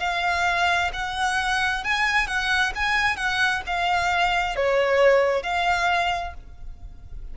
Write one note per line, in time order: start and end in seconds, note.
0.00 0.91 F5
0.93 1.84 F#5
1.84 2.27 G#5
2.27 2.73 F#5
2.75 3.17 G#5
3.17 3.62 F#5
3.67 4.56 F5
4.56 5.43 C#5
5.43 6.34 F5